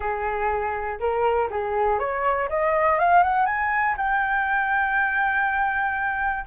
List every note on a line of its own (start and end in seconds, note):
0.00 0.99 G#4
0.99 1.49 A#4
1.50 1.99 G#4
1.99 2.48 C#5
2.49 2.98 D#5
2.99 3.23 F5
3.23 3.46 F#5
3.46 3.95 G#5
3.97 6.45 G5